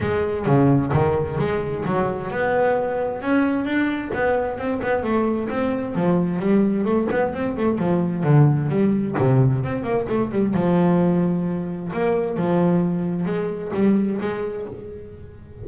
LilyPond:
\new Staff \with { instrumentName = "double bass" } { \time 4/4 \tempo 4 = 131 gis4 cis4 dis4 gis4 | fis4 b2 cis'4 | d'4 b4 c'8 b8 a4 | c'4 f4 g4 a8 b8 |
c'8 a8 f4 d4 g4 | c4 c'8 ais8 a8 g8 f4~ | f2 ais4 f4~ | f4 gis4 g4 gis4 | }